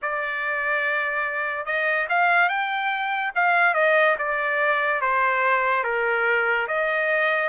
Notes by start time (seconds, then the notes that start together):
0.02 D5
1.65 D#5
2.09 F5
2.48 G5
3.35 F5
3.74 D#5
4.18 D5
5.01 C5
5.83 A#4
6.67 D#5